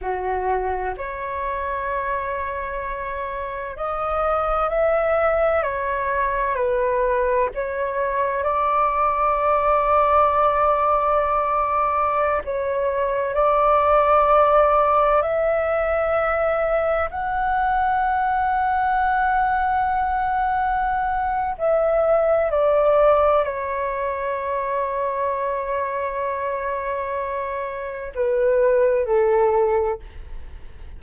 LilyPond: \new Staff \with { instrumentName = "flute" } { \time 4/4 \tempo 4 = 64 fis'4 cis''2. | dis''4 e''4 cis''4 b'4 | cis''4 d''2.~ | d''4~ d''16 cis''4 d''4.~ d''16~ |
d''16 e''2 fis''4.~ fis''16~ | fis''2. e''4 | d''4 cis''2.~ | cis''2 b'4 a'4 | }